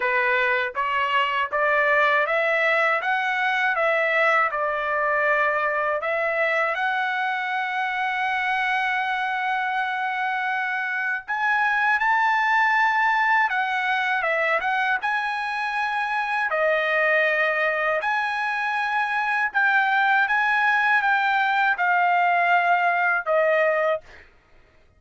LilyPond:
\new Staff \with { instrumentName = "trumpet" } { \time 4/4 \tempo 4 = 80 b'4 cis''4 d''4 e''4 | fis''4 e''4 d''2 | e''4 fis''2.~ | fis''2. gis''4 |
a''2 fis''4 e''8 fis''8 | gis''2 dis''2 | gis''2 g''4 gis''4 | g''4 f''2 dis''4 | }